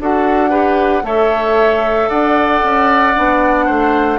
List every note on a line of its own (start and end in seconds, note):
0.00 1.03 D4
0.00 0.50 F#4
0.00 0.50 A4
0.00 1.05 F#5
0.50 1.03 G4
0.50 1.02 B4
1.03 2.08 A3
1.03 3.14 A4
1.03 2.09 C#5
1.03 2.09 E5
2.09 2.63 D4
2.09 3.66 D5
2.09 4.19 F#5
2.63 3.16 C#4
3.15 3.68 B3
3.15 4.19 D4
3.66 4.19 A3
3.66 4.18 C5